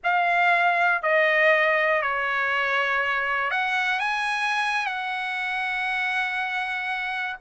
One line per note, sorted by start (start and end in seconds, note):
0.03 1.02 F5
1.02 2.02 D#5
2.02 3.50 C#5
3.50 3.99 F#5
3.99 4.85 G#5
4.85 7.35 F#5